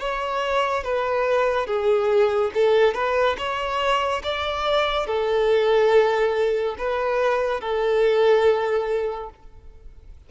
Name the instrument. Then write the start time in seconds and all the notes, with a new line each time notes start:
violin
0.00 C#5
0.84 B4
1.67 G#4
2.54 A4
2.94 B4
3.38 C#5
4.24 D5
5.07 A4
6.79 B4
7.61 A4